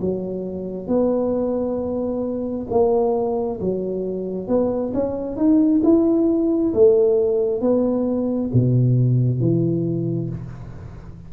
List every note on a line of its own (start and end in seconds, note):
0.00 0.87 F#3
0.87 2.66 B3
2.70 3.59 A#3
3.60 4.47 F#3
4.47 4.92 B3
4.93 5.36 C#4
5.36 5.81 D#4
5.83 6.73 E4
6.73 7.60 A3
7.60 8.50 B3
8.53 9.39 B2
9.39 10.29 E3